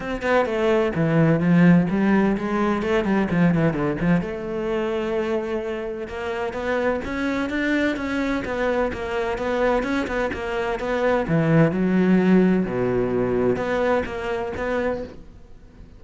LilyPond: \new Staff \with { instrumentName = "cello" } { \time 4/4 \tempo 4 = 128 c'8 b8 a4 e4 f4 | g4 gis4 a8 g8 f8 e8 | d8 f8 a2.~ | a4 ais4 b4 cis'4 |
d'4 cis'4 b4 ais4 | b4 cis'8 b8 ais4 b4 | e4 fis2 b,4~ | b,4 b4 ais4 b4 | }